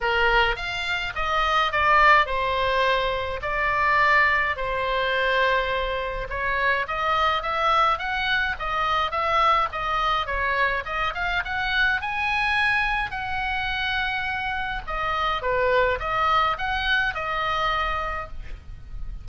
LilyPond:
\new Staff \with { instrumentName = "oboe" } { \time 4/4 \tempo 4 = 105 ais'4 f''4 dis''4 d''4 | c''2 d''2 | c''2. cis''4 | dis''4 e''4 fis''4 dis''4 |
e''4 dis''4 cis''4 dis''8 f''8 | fis''4 gis''2 fis''4~ | fis''2 dis''4 b'4 | dis''4 fis''4 dis''2 | }